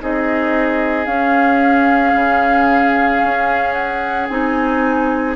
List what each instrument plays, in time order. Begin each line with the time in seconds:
0.00 bassoon C4, clarinet D#4, oboe G#4, flute D#5
1.05 bassoon C#4, clarinet C#4, flute F5
2.14 bassoon C#3
3.24 bassoon C#4
3.73 flute F#5
4.28 bassoon C4, clarinet D#4, flute G#5